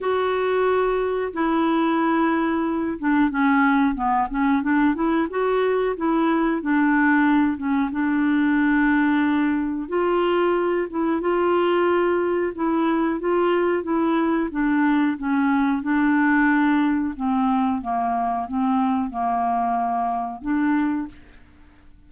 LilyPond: \new Staff \with { instrumentName = "clarinet" } { \time 4/4 \tempo 4 = 91 fis'2 e'2~ | e'8 d'8 cis'4 b8 cis'8 d'8 e'8 | fis'4 e'4 d'4. cis'8 | d'2. f'4~ |
f'8 e'8 f'2 e'4 | f'4 e'4 d'4 cis'4 | d'2 c'4 ais4 | c'4 ais2 d'4 | }